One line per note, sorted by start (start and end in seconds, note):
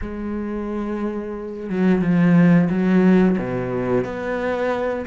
0.01 1.69 G#3
1.69 2.01 F#3
2.01 2.68 F3
2.69 3.36 F#3
3.38 4.04 B2
4.04 5.05 B3